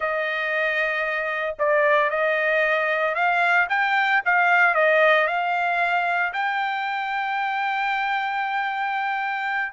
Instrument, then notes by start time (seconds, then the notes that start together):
trumpet
0.00 D#5
1.58 D5
2.10 D#5
3.14 F5
3.69 G5
4.25 F5
4.74 D#5
5.27 F5
6.33 G5